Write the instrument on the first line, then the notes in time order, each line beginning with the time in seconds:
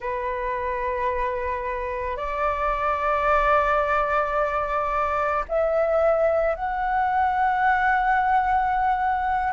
flute
0.00 B4
2.17 D5
5.48 E5
6.55 F#5